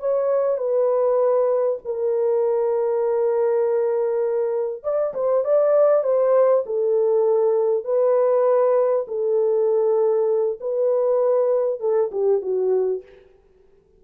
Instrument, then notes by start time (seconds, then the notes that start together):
horn
0.00 C#5
0.58 B4
1.85 A#4
4.83 D5
5.14 C5
5.45 D5
6.04 C5
6.66 A4
7.84 B4
9.08 A4
10.61 B4
11.80 A4
12.12 G4
12.42 F#4